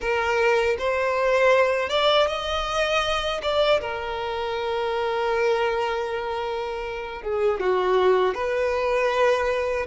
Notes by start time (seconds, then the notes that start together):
0.00 A#4
0.78 C5
1.89 D5
2.27 D#5
3.42 D5
3.80 A#4
7.22 G#4
7.59 F#4
8.34 B4